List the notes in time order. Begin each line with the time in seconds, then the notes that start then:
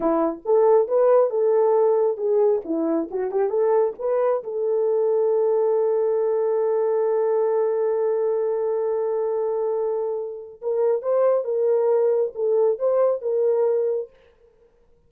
0.00 E4
0.45 A4
0.88 B4
1.30 A4
2.17 G#4
2.65 E4
3.10 F#4
3.31 G4
3.49 A4
3.98 B4
4.43 A4
10.61 A#4
11.02 C5
11.44 A#4
12.34 A4
12.79 C5
13.21 A#4